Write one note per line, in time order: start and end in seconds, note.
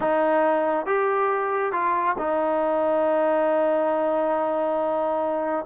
0.00 0.86 D#4
0.86 1.72 G4
1.72 2.15 F4
2.18 5.65 D#4